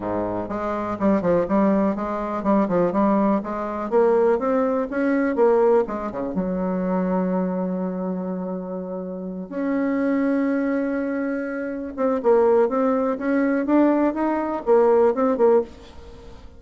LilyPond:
\new Staff \with { instrumentName = "bassoon" } { \time 4/4 \tempo 4 = 123 gis,4 gis4 g8 f8 g4 | gis4 g8 f8 g4 gis4 | ais4 c'4 cis'4 ais4 | gis8 cis8 fis2.~ |
fis2.~ fis8 cis'8~ | cis'1~ | cis'8 c'8 ais4 c'4 cis'4 | d'4 dis'4 ais4 c'8 ais8 | }